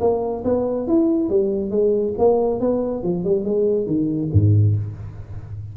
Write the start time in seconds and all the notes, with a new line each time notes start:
0.00 A#3
0.44 B3
0.88 E4
1.29 G3
1.71 G#3
2.18 A#3
2.60 B3
3.03 F3
3.24 G3
3.45 G#3
3.86 D#3
4.33 G#2